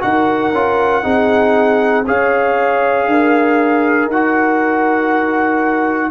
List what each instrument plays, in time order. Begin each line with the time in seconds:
0.00 tuba D#4, trombone F#4, horn A#4, trumpet F#5
0.52 tuba C#4, trombone F4
1.03 tuba C4, trombone D#4, horn G#4
2.05 tuba C#4, trombone G#4, horn C#5, trumpet F5
3.07 tuba D4, horn A#4
4.07 tuba D#4, trumpet F#5
4.13 trombone F#4